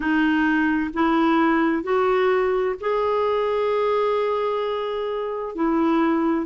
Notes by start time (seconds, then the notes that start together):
0.00 D#4
0.93 E4
1.83 F#4
2.80 G#4
5.55 E4